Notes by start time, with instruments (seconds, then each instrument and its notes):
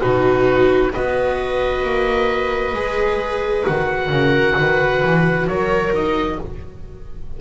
0.00 double bass B2, viola D#4 F#4, oboe B4
0.92 double bass B3, viola F#4 B4, oboe D#5
1.83 double bass A#3
2.74 double bass G#3, viola G#4
3.65 double bass D#3, viola F#4, oboe F#5
4.09 double bass C#3, viola A#4
4.57 double bass D#3, viola B4
5.03 double bass E3
5.47 double bass F#3, viola A#4, oboe C#5
5.93 viola D#4, oboe D#5